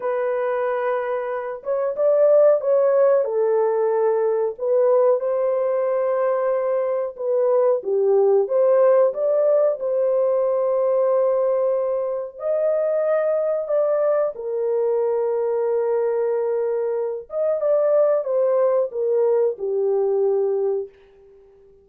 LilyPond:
\new Staff \with { instrumentName = "horn" } { \time 4/4 \tempo 4 = 92 b'2~ b'8 cis''8 d''4 | cis''4 a'2 b'4 | c''2. b'4 | g'4 c''4 d''4 c''4~ |
c''2. dis''4~ | dis''4 d''4 ais'2~ | ais'2~ ais'8 dis''8 d''4 | c''4 ais'4 g'2 | }